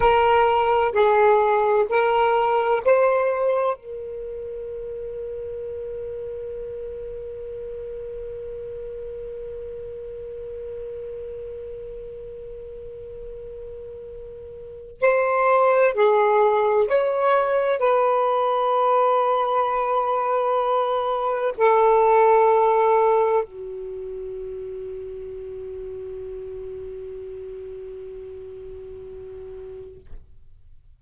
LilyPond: \new Staff \with { instrumentName = "saxophone" } { \time 4/4 \tempo 4 = 64 ais'4 gis'4 ais'4 c''4 | ais'1~ | ais'1~ | ais'1 |
c''4 gis'4 cis''4 b'4~ | b'2. a'4~ | a'4 fis'2.~ | fis'1 | }